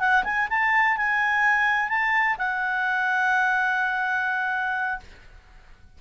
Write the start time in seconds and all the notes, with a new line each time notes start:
0.00 F#5
0.24 G#5
0.50 A5
0.97 G#5
1.89 A5
2.38 F#5